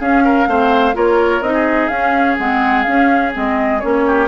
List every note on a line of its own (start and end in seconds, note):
0.00 0.48 C#4
0.00 0.47 C#4
0.00 0.24 G#4
0.00 0.96 F5
0.25 0.49 A#4
0.47 0.95 A3
0.47 0.94 C4
0.47 0.96 C5
0.94 1.41 A#3
0.94 1.42 F4
0.94 1.53 A#4
0.94 1.42 C#5
1.41 1.89 C4
1.41 1.92 D#4
1.41 1.88 D#5
1.53 4.03 G#4
1.88 2.37 C#4
1.88 2.39 C#4
1.88 2.36 F5
2.39 2.87 G#3
2.39 2.86 C4
2.39 2.83 F#5
2.83 3.33 C#4
2.83 3.35 C#4
2.83 3.31 F5
3.33 3.84 G#3
3.33 3.81 C4
3.33 3.81 D#5
3.81 4.28 A#3
3.81 4.28 C#4
3.81 4.28 C#5
4.07 4.28 G4